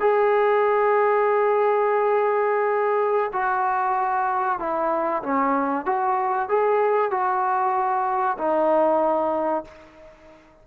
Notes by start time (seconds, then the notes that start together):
0.00 G#4
3.33 F#4
4.59 E4
5.23 C#4
5.86 F#4
6.49 G#4
7.11 F#4
8.38 D#4